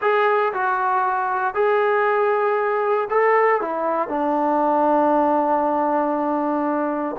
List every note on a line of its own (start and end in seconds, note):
0.01 0.52 G#4
0.53 1.54 F#4
1.54 3.08 G#4
3.10 3.61 A4
3.61 4.08 E4
4.08 7.16 D4